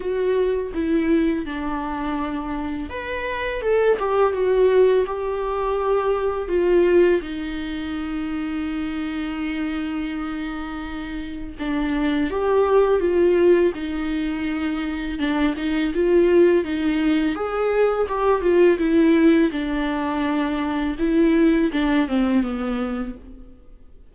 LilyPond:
\new Staff \with { instrumentName = "viola" } { \time 4/4 \tempo 4 = 83 fis'4 e'4 d'2 | b'4 a'8 g'8 fis'4 g'4~ | g'4 f'4 dis'2~ | dis'1 |
d'4 g'4 f'4 dis'4~ | dis'4 d'8 dis'8 f'4 dis'4 | gis'4 g'8 f'8 e'4 d'4~ | d'4 e'4 d'8 c'8 b4 | }